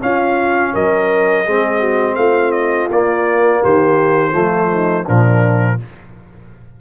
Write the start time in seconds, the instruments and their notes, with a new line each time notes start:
0.00 trombone C#4, tuba C#4, horn F4, trumpet F5
0.73 tuba F#3, horn A#4, trumpet D#5
1.45 tuba G#3, trombone C4, horn G#4
1.79 horn F#4
2.15 tuba A3, horn F4, trumpet F5
2.51 trumpet D#5
2.90 tuba A#3, trombone A#3, trumpet D5
3.63 tuba D#3, horn G4, trumpet C5
4.32 tuba F3, trombone A3, horn F4
4.73 horn D#4
5.05 tuba A#2, trombone F3, horn D4, trumpet A#4